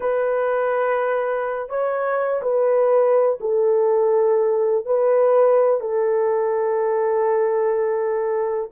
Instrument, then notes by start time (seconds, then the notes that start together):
horn
0.00 B4
1.69 C#5
2.41 B4
3.40 A4
4.85 B4
5.80 A4